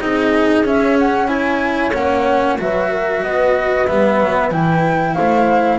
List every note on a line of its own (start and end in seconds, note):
0.00 0.62 C4
0.00 0.65 D#4
0.00 1.29 G#4
0.00 0.65 D#5
0.62 1.91 C#4
0.62 1.28 C#4
0.62 0.99 E5
0.99 1.28 F#5
1.28 1.92 E4
1.28 2.58 C#5
1.28 1.92 G#5
1.94 2.59 A#3
1.94 2.58 C#4
1.94 2.59 F#5
2.59 3.23 F#3
2.59 3.88 F#4
2.59 2.90 B4
2.59 3.24 E5
2.90 3.23 A#4
3.23 3.88 B3
3.23 5.16 B4
3.23 3.87 D#5
3.87 4.21 G3
3.87 4.51 B3
3.87 4.51 E5
4.21 4.52 F#3
4.51 5.16 E3
4.51 5.79 E4
4.51 5.14 G5
5.14 5.79 A3
5.14 5.79 C5
5.14 5.78 F5